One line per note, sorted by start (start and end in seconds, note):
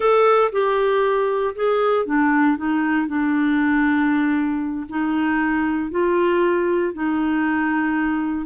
0.00 0.51 A4
0.52 1.54 G4
1.55 2.05 G#4
2.05 2.57 D4
2.57 3.07 D#4
3.07 4.86 D4
4.89 5.91 D#4
5.91 6.93 F4
6.93 8.45 D#4